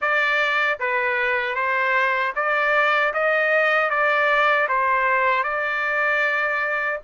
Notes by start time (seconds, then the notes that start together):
0.01 D5
0.79 B4
1.55 C5
2.35 D5
3.13 D#5
3.90 D5
4.68 C5
5.43 D5